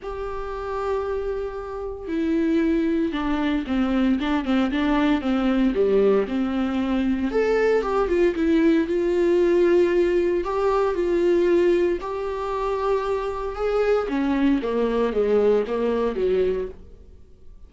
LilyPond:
\new Staff \with { instrumentName = "viola" } { \time 4/4 \tempo 4 = 115 g'1 | e'2 d'4 c'4 | d'8 c'8 d'4 c'4 g4 | c'2 a'4 g'8 f'8 |
e'4 f'2. | g'4 f'2 g'4~ | g'2 gis'4 cis'4 | ais4 gis4 ais4 fis4 | }